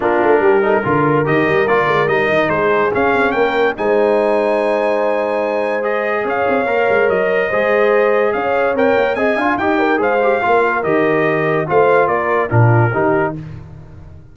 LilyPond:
<<
  \new Staff \with { instrumentName = "trumpet" } { \time 4/4 \tempo 4 = 144 ais'2. dis''4 | d''4 dis''4 c''4 f''4 | g''4 gis''2.~ | gis''2 dis''4 f''4~ |
f''4 dis''2. | f''4 g''4 gis''4 g''4 | f''2 dis''2 | f''4 d''4 ais'2 | }
  \new Staff \with { instrumentName = "horn" } { \time 4/4 f'4 g'8 a'8 ais'2~ | ais'2 gis'2 | ais'4 c''2.~ | c''2. cis''4~ |
cis''2 c''2 | cis''2 dis''8 f''8 dis''8 ais'8 | c''4 ais'2. | c''4 ais'4 f'4 g'4 | }
  \new Staff \with { instrumentName = "trombone" } { \time 4/4 d'4. dis'8 f'4 g'4 | f'4 dis'2 cis'4~ | cis'4 dis'2.~ | dis'2 gis'2 |
ais'2 gis'2~ | gis'4 ais'4 gis'8 f'8 g'4 | gis'8 g'8 f'4 g'2 | f'2 d'4 dis'4 | }
  \new Staff \with { instrumentName = "tuba" } { \time 4/4 ais8 a8 g4 d4 dis8 g8 | ais8 gis8 g8 dis8 gis4 cis'8 c'8 | ais4 gis2.~ | gis2. cis'8 c'8 |
ais8 gis8 fis4 gis2 | cis'4 c'8 ais8 c'8 d'8 dis'4 | gis4 ais4 dis2 | a4 ais4 ais,4 dis4 | }
>>